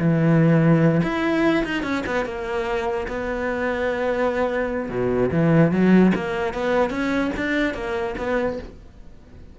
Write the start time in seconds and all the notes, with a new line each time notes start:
0.00 E3
1.04 E4
1.65 D#4
1.83 C#4
2.07 B3
2.26 A#3
3.08 B3
4.90 B2
5.32 E3
5.72 F#3
6.16 A#3
6.55 B3
6.91 C#4
7.37 D4
7.75 A#3
8.18 B3